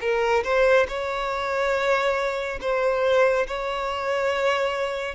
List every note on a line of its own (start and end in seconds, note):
0.00 0.43 A#4
0.43 0.86 C5
0.88 2.59 C#5
2.61 3.46 C5
3.47 5.15 C#5